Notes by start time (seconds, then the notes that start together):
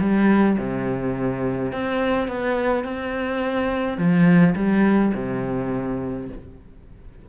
0.00 G3
0.58 C3
1.72 C4
2.28 B3
2.84 C4
3.97 F3
4.55 G3
5.14 C3